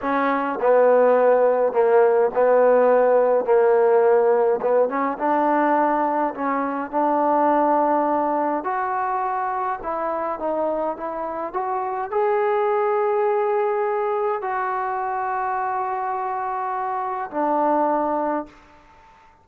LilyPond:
\new Staff \with { instrumentName = "trombone" } { \time 4/4 \tempo 4 = 104 cis'4 b2 ais4 | b2 ais2 | b8 cis'8 d'2 cis'4 | d'2. fis'4~ |
fis'4 e'4 dis'4 e'4 | fis'4 gis'2.~ | gis'4 fis'2.~ | fis'2 d'2 | }